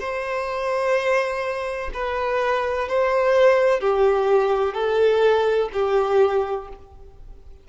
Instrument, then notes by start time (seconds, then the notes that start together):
violin
0.00 C5
1.94 B4
2.89 C5
3.81 G4
4.74 A4
5.73 G4